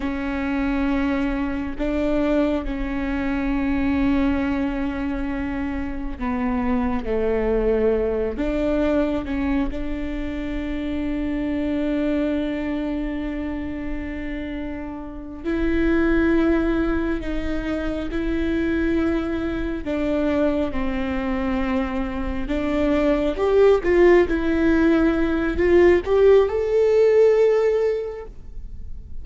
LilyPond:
\new Staff \with { instrumentName = "viola" } { \time 4/4 \tempo 4 = 68 cis'2 d'4 cis'4~ | cis'2. b4 | a4. d'4 cis'8 d'4~ | d'1~ |
d'4. e'2 dis'8~ | dis'8 e'2 d'4 c'8~ | c'4. d'4 g'8 f'8 e'8~ | e'4 f'8 g'8 a'2 | }